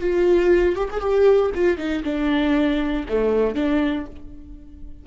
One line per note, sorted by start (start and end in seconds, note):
0.00 0.76 F4
0.76 0.88 G4
0.90 1.00 G#4
1.00 1.51 G4
1.55 1.77 F4
1.77 2.03 D#4
2.03 3.05 D4
3.08 3.55 A3
3.55 4.06 D4